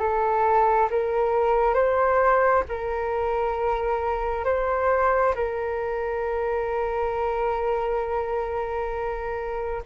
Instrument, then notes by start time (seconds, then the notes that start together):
flute
0.00 A4
0.91 A#4
1.75 C5
2.69 A#4
4.45 C5
5.36 A#4